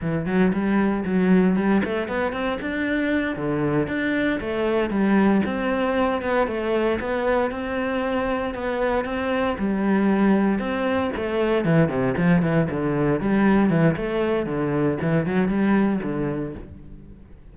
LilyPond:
\new Staff \with { instrumentName = "cello" } { \time 4/4 \tempo 4 = 116 e8 fis8 g4 fis4 g8 a8 | b8 c'8 d'4. d4 d'8~ | d'8 a4 g4 c'4. | b8 a4 b4 c'4.~ |
c'8 b4 c'4 g4.~ | g8 c'4 a4 e8 c8 f8 | e8 d4 g4 e8 a4 | d4 e8 fis8 g4 d4 | }